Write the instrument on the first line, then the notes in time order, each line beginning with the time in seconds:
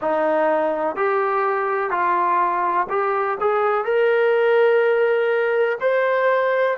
trombone
0.01 D#4
0.95 G4
1.90 F4
2.89 G4
3.40 G#4
3.84 A#4
5.80 C5